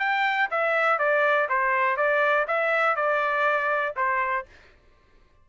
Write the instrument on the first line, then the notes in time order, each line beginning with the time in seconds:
trumpet
0.00 G5
0.51 E5
0.99 D5
1.49 C5
1.97 D5
2.48 E5
2.96 D5
3.96 C5